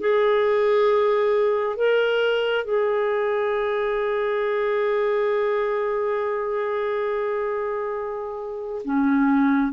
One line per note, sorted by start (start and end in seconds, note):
0.00 1.76 G#4
1.76 2.64 A#4
2.64 8.82 G#4
8.84 9.72 C#4